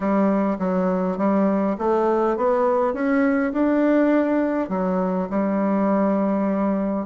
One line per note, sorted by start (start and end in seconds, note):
0.00 0.57 G3
0.59 1.17 F#3
1.17 1.76 G3
1.78 2.37 A3
2.37 2.93 B3
2.93 3.52 C#4
3.52 4.69 D4
4.69 5.28 F#3
5.29 7.06 G3